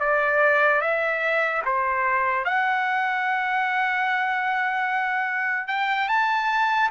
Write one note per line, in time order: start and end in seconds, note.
0.00 0.81 D5
0.81 1.62 E5
1.65 2.45 C5
2.45 5.68 F#5
5.68 6.08 G5
6.08 6.90 A5